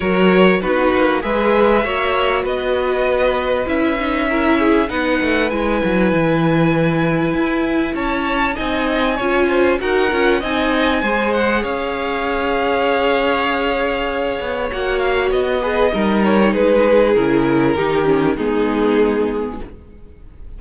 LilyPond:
<<
  \new Staff \with { instrumentName = "violin" } { \time 4/4 \tempo 4 = 98 cis''4 b'4 e''2 | dis''2 e''2 | fis''4 gis''2.~ | gis''4 a''4 gis''2 |
fis''4 gis''4. fis''8 f''4~ | f''1 | fis''8 f''8 dis''4. cis''8 b'4 | ais'2 gis'2 | }
  \new Staff \with { instrumentName = "violin" } { \time 4/4 ais'4 fis'4 b'4 cis''4 | b'2. ais'8 gis'8 | b'1~ | b'4 cis''4 dis''4 cis''8 c''8 |
ais'4 dis''4 c''4 cis''4~ | cis''1~ | cis''4. b'8 ais'4 gis'4~ | gis'4 g'4 dis'2 | }
  \new Staff \with { instrumentName = "viola" } { \time 4/4 fis'4 dis'4 gis'4 fis'4~ | fis'2 e'8 dis'8 e'4 | dis'4 e'2.~ | e'2 dis'4 f'4 |
fis'8 f'8 dis'4 gis'2~ | gis'1 | fis'4. gis'8 dis'2 | e'4 dis'8 cis'8 b2 | }
  \new Staff \with { instrumentName = "cello" } { \time 4/4 fis4 b8 ais8 gis4 ais4 | b2 cis'2 | b8 a8 gis8 fis8 e2 | e'4 cis'4 c'4 cis'4 |
dis'8 cis'8 c'4 gis4 cis'4~ | cis'2.~ cis'8 b8 | ais4 b4 g4 gis4 | cis4 dis4 gis2 | }
>>